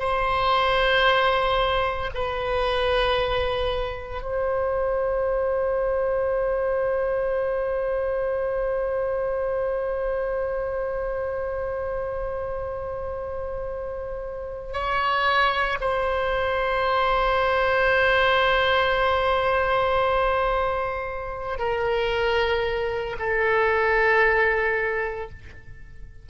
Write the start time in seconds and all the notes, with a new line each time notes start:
0.00 C5
2.14 B4
4.22 C5
14.73 C#5
15.81 C5
21.59 A#4
23.19 A4